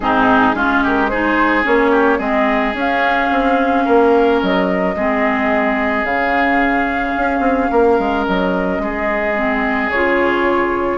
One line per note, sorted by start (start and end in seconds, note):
0.00 0.54 G#2
0.00 0.54 C4
0.00 0.55 D#4
0.00 0.81 G#4
0.54 1.64 G#3
0.54 1.09 C#4
0.54 0.83 F4
0.83 1.10 G4
0.83 1.08 A#4
1.08 1.63 D#4
1.08 1.91 G#4
1.08 1.64 C5
1.63 2.19 A#3
1.63 2.18 C#4
1.63 2.19 C#5
1.91 2.18 G4
2.18 2.73 G#3
2.18 2.74 C4
2.18 3.83 G#4
2.18 2.74 D#5
2.73 3.28 C#4
2.73 4.95 C#4
2.73 4.42 F5
3.31 3.86 C4
3.85 4.42 A#3
3.85 4.95 A#4
4.42 4.95 F#3
4.42 6.05 D#5
4.95 6.03 G#3
4.95 6.06 C4
4.95 7.71 G#4
6.03 7.13 C#3
6.03 9.36 C#4
6.03 8.25 F5
7.17 7.39 C#4
7.39 7.67 C4
7.71 7.98 A#3
7.71 8.81 A#4
7.98 8.26 G#3
8.26 8.79 F#3
8.26 9.90 D#5
8.79 9.89 G#3
8.79 10.98 G#4
9.36 9.91 C4
9.90 10.98 C#3
9.90 10.98 F4
9.90 10.98 C#5